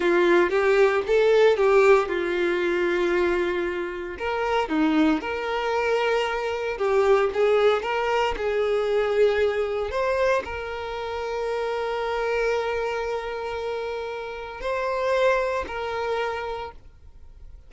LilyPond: \new Staff \with { instrumentName = "violin" } { \time 4/4 \tempo 4 = 115 f'4 g'4 a'4 g'4 | f'1 | ais'4 dis'4 ais'2~ | ais'4 g'4 gis'4 ais'4 |
gis'2. c''4 | ais'1~ | ais'1 | c''2 ais'2 | }